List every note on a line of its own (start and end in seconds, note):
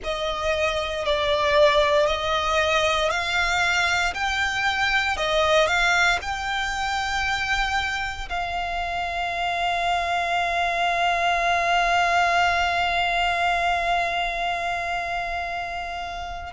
0.03 1.05 D#5
1.05 2.06 D5
2.06 3.10 D#5
3.10 4.13 F5
4.14 5.16 G5
5.16 5.67 D#5
5.67 6.18 F5
6.21 8.28 G5
8.29 16.53 F5